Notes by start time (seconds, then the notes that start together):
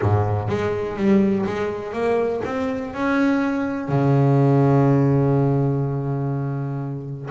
0.01 G#2
0.48 G#3
0.96 G3
1.46 G#3
1.93 A#3
2.44 C4
2.93 C#4
3.88 C#3